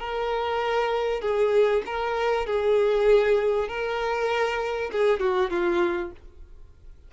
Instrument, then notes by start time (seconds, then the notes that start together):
violin
0.00 A#4
1.22 G#4
1.86 A#4
2.47 G#4
3.68 A#4
4.92 G#4
5.20 F#4
5.50 F4